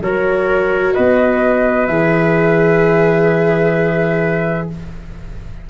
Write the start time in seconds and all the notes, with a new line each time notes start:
0.00 F#3 F#4 A#4 C#5
0.93 B3 B4 D#5
1.86 E3 G#4 E5